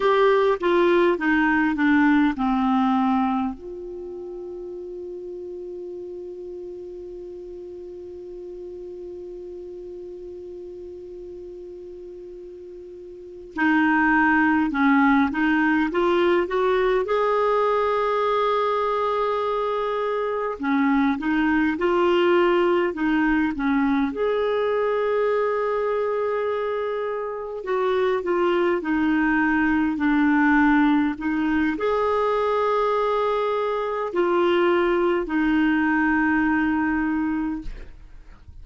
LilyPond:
\new Staff \with { instrumentName = "clarinet" } { \time 4/4 \tempo 4 = 51 g'8 f'8 dis'8 d'8 c'4 f'4~ | f'1~ | f'2.~ f'8 dis'8~ | dis'8 cis'8 dis'8 f'8 fis'8 gis'4.~ |
gis'4. cis'8 dis'8 f'4 dis'8 | cis'8 gis'2. fis'8 | f'8 dis'4 d'4 dis'8 gis'4~ | gis'4 f'4 dis'2 | }